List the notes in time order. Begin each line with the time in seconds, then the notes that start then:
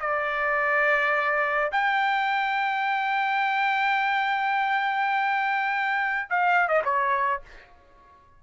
0.00 D5
1.72 G5
6.30 F5
6.69 D#5
6.85 C#5